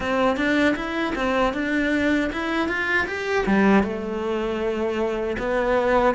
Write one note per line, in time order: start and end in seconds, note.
0.00 0.36 C4
0.36 0.75 D4
0.75 1.14 E4
1.15 1.53 C4
1.53 2.30 D4
2.32 2.68 E4
2.68 3.07 F4
3.07 3.45 G4
3.46 3.83 G3
3.83 5.37 A3
5.38 6.15 B3